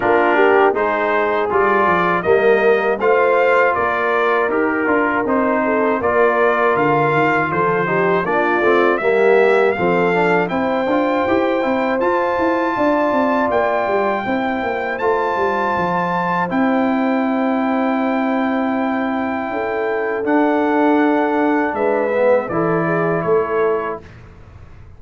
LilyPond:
<<
  \new Staff \with { instrumentName = "trumpet" } { \time 4/4 \tempo 4 = 80 ais'4 c''4 d''4 dis''4 | f''4 d''4 ais'4 c''4 | d''4 f''4 c''4 d''4 | e''4 f''4 g''2 |
a''2 g''2 | a''2 g''2~ | g''2. fis''4~ | fis''4 e''4 d''4 cis''4 | }
  \new Staff \with { instrumentName = "horn" } { \time 4/4 f'8 g'8 gis'2 ais'4 | c''4 ais'2~ ais'8 a'8 | ais'2 a'8 g'8 f'4 | g'4 a'4 c''2~ |
c''4 d''2 c''4~ | c''1~ | c''2 a'2~ | a'4 b'4 a'8 gis'8 a'4 | }
  \new Staff \with { instrumentName = "trombone" } { \time 4/4 d'4 dis'4 f'4 ais4 | f'2 g'8 f'8 dis'4 | f'2~ f'8 dis'8 d'8 c'8 | ais4 c'8 d'8 e'8 f'8 g'8 e'8 |
f'2. e'4 | f'2 e'2~ | e'2. d'4~ | d'4. b8 e'2 | }
  \new Staff \with { instrumentName = "tuba" } { \time 4/4 ais4 gis4 g8 f8 g4 | a4 ais4 dis'8 d'8 c'4 | ais4 d8 dis8 f4 ais8 a8 | g4 f4 c'8 d'8 e'8 c'8 |
f'8 e'8 d'8 c'8 ais8 g8 c'8 ais8 | a8 g8 f4 c'2~ | c'2 cis'4 d'4~ | d'4 gis4 e4 a4 | }
>>